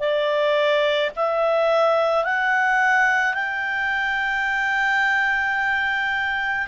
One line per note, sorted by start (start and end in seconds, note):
0.00 1.11 D5
1.16 2.25 E5
2.25 3.34 F#5
3.34 6.68 G5